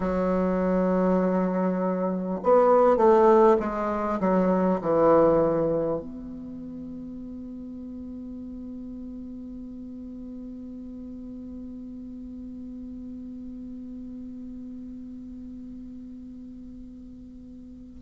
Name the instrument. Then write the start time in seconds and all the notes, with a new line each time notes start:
bassoon
0.00 F#3
2.43 B3
2.97 A3
3.59 G#3
4.19 F#3
4.81 E3
6.00 B3